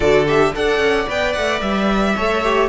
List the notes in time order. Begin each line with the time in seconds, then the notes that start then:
0.00 D3 F#4 A4 D5
0.26 G4 E5
0.54 D4 A4 D5 F#5
0.78 C#4
1.06 B3 B4 G5
1.33 A3 F#5
1.61 G3 E5
2.16 A3 A4 C#5
2.43 G4